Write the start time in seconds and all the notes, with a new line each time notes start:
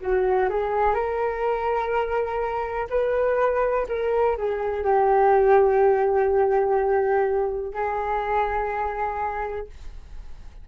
0.00 F#4
0.49 G#4
0.94 A#4
2.89 B4
3.88 A#4
4.37 G#4
4.84 G4
7.73 G#4